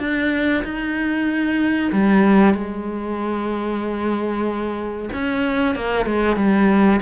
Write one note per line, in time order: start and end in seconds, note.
0.00 0.64 D4
0.64 1.92 D#4
1.93 2.55 G3
2.55 5.10 G#3
5.13 5.76 C#4
5.76 6.06 A#3
6.06 6.37 G#3
6.37 7.01 G3